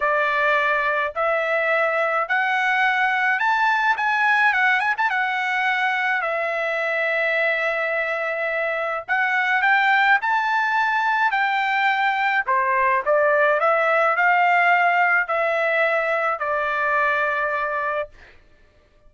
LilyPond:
\new Staff \with { instrumentName = "trumpet" } { \time 4/4 \tempo 4 = 106 d''2 e''2 | fis''2 a''4 gis''4 | fis''8 gis''16 a''16 fis''2 e''4~ | e''1 |
fis''4 g''4 a''2 | g''2 c''4 d''4 | e''4 f''2 e''4~ | e''4 d''2. | }